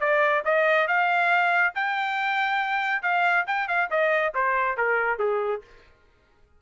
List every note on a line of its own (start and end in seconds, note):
0.00 0.43 D5
0.45 0.88 D#5
0.88 1.74 F5
1.75 3.03 G5
3.03 3.45 F5
3.47 3.68 G5
3.68 3.90 F5
3.91 4.34 D#5
4.35 4.77 C5
4.77 5.19 A#4
5.19 5.62 G#4